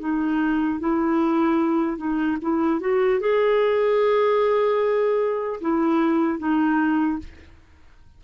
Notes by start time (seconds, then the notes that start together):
0.00 D#4
0.80 E4
1.97 D#4
2.42 E4
2.80 F#4
3.20 G#4
5.61 E4
6.39 D#4